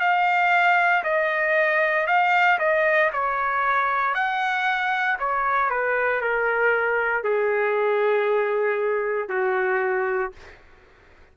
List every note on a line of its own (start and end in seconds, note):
0.00 1.03 F5
1.04 2.07 D#5
2.07 2.59 F5
2.59 3.11 D#5
3.13 4.14 C#5
4.14 5.18 F#5
5.20 5.70 C#5
5.70 6.22 B4
6.22 7.24 A#4
7.24 9.29 G#4
9.29 10.32 F#4